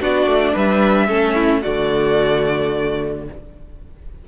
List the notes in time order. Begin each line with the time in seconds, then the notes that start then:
0.00 B3 D4 F#4 D5
0.26 A3
0.53 G3 B4 E5
1.08 A3 C#4 A4
1.34 E4
1.61 D3 A3 F#4 D5